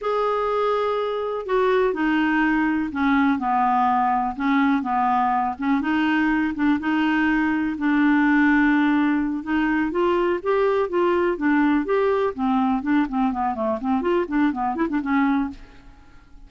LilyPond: \new Staff \with { instrumentName = "clarinet" } { \time 4/4 \tempo 4 = 124 gis'2. fis'4 | dis'2 cis'4 b4~ | b4 cis'4 b4. cis'8 | dis'4. d'8 dis'2 |
d'2.~ d'8 dis'8~ | dis'8 f'4 g'4 f'4 d'8~ | d'8 g'4 c'4 d'8 c'8 b8 | a8 c'8 f'8 d'8 b8 e'16 d'16 cis'4 | }